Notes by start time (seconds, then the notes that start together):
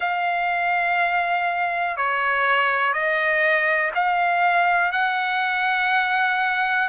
0.00 F5
1.97 C#5
2.92 D#5
3.94 F5
4.92 F#5